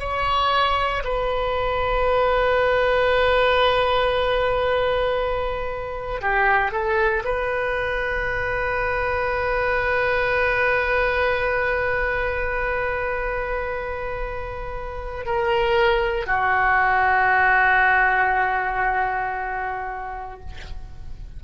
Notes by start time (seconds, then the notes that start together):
0.00 C#5
1.04 B4
6.22 G4
6.72 A4
7.25 B4
15.26 A#4
16.26 F#4